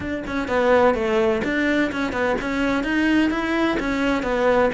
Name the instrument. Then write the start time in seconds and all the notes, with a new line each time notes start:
cello
0.00 D4
0.26 C#4
0.48 B3
0.94 A3
1.43 D4
1.92 C#4
2.12 B3
2.41 C#4
2.83 D#4
3.30 E4
3.79 C#4
4.22 B3